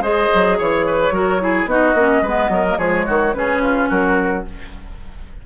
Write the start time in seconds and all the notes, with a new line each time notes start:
0.00 G#3 G#4 C5 D#5
0.35 F#3
0.58 E3 C#5
0.87 B4
1.11 F#3 F#4 A#4
1.40 E4 G#4
1.66 B3 D#4 F#4 D#5
1.95 A#3 C#4
2.22 G#3 B3 B4
2.49 F#3 A#4
2.69 A#3
2.78 F3 G#3 G#4 C#5
3.06 D#3 F#4
3.34 C#3 C#4 G#4 B4
3.62 F4
3.89 F#3 F#4 A#4